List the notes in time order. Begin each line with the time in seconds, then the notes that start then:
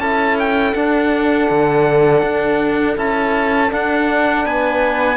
0.00 C#4 E4 A4 A5
0.40 G5
0.74 D4 F#5
1.50 D3
2.23 D4
2.97 C#4 E4 A5
3.69 D4 F#5
4.45 B3 B4 G#5